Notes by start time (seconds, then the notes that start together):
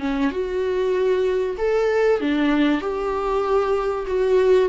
0.00 C#4
0.31 F#4
1.58 A4
2.21 D4
2.81 G4
4.07 F#4